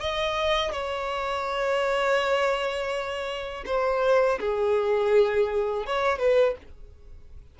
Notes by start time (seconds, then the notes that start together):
0.00 D#5
0.71 C#5
3.66 C5
4.40 G#4
5.86 C#5
6.18 B4